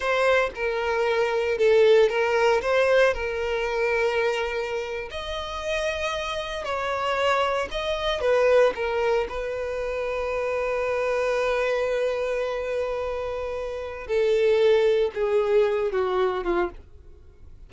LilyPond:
\new Staff \with { instrumentName = "violin" } { \time 4/4 \tempo 4 = 115 c''4 ais'2 a'4 | ais'4 c''4 ais'2~ | ais'4.~ ais'16 dis''2~ dis''16~ | dis''8. cis''2 dis''4 b'16~ |
b'8. ais'4 b'2~ b'16~ | b'1~ | b'2. a'4~ | a'4 gis'4. fis'4 f'8 | }